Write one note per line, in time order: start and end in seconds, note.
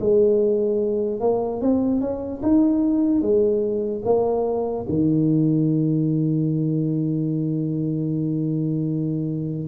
0.00 1.21 G#3
1.21 1.61 A#3
1.61 2.01 C4
2.01 2.41 C#4
2.42 3.21 D#4
3.21 4.02 G#3
4.05 4.86 A#3
4.89 9.68 D#3